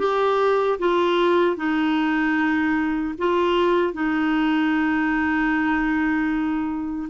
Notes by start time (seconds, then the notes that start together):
0.00 G4
0.80 F4
1.57 D#4
3.19 F4
3.94 D#4